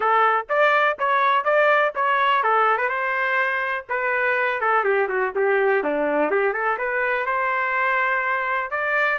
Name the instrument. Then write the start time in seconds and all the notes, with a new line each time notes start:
trumpet
0.00 A4
0.49 D5
0.99 C#5
1.44 D5
1.95 C#5
2.43 A4
2.77 B4
2.88 C5
3.89 B4
4.61 A4
4.84 G4
5.08 F#4
5.35 G4
5.83 D4
6.30 G4
6.53 A4
6.78 B4
7.26 C5
8.70 D5